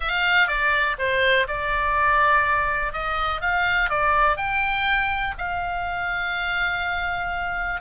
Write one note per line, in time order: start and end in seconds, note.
0.00 0.47 F5
0.47 0.96 D5
0.98 1.47 C5
1.47 2.92 D5
2.92 3.41 D#5
3.41 3.89 F5
3.89 4.37 D5
4.37 5.34 G5
5.38 7.81 F5